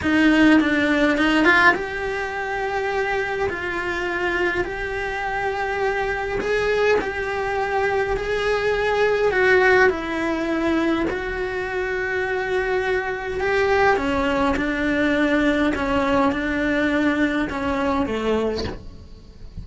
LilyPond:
\new Staff \with { instrumentName = "cello" } { \time 4/4 \tempo 4 = 103 dis'4 d'4 dis'8 f'8 g'4~ | g'2 f'2 | g'2. gis'4 | g'2 gis'2 |
fis'4 e'2 fis'4~ | fis'2. g'4 | cis'4 d'2 cis'4 | d'2 cis'4 a4 | }